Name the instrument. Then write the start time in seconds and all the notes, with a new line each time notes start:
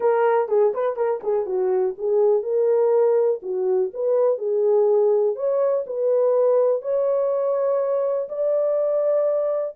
horn
0.00 A#4
0.48 G#4
0.74 B4
0.96 A#4
1.23 G#4
1.46 F#4
1.98 G#4
2.43 A#4
3.42 F#4
3.93 B4
4.37 G#4
5.35 C#5
5.86 B4
6.82 C#5
8.28 D5